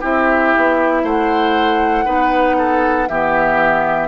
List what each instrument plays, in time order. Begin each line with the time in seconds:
0.00 bassoon C4, clarinet E4, oboe G4, flute E5
0.57 bassoon B3
1.03 bassoon A3, oboe C5, flute F#5
2.04 bassoon B3, clarinet D#4, oboe B4
2.57 oboe A4
3.08 bassoon E3, clarinet B3, oboe G4, flute E5